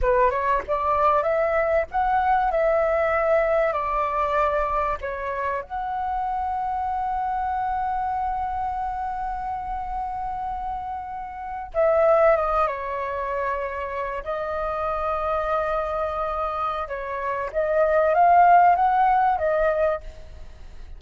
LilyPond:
\new Staff \with { instrumentName = "flute" } { \time 4/4 \tempo 4 = 96 b'8 cis''8 d''4 e''4 fis''4 | e''2 d''2 | cis''4 fis''2.~ | fis''1~ |
fis''2~ fis''8. e''4 dis''16~ | dis''16 cis''2~ cis''8 dis''4~ dis''16~ | dis''2. cis''4 | dis''4 f''4 fis''4 dis''4 | }